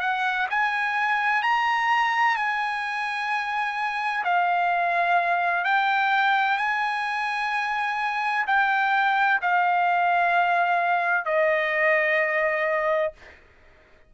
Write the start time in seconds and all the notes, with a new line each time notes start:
0.00 F#5
0.50 G#5
1.42 A#5
2.36 G#5
4.24 F5
5.64 G5
6.58 G#5
8.47 G5
9.41 F5
11.25 D#5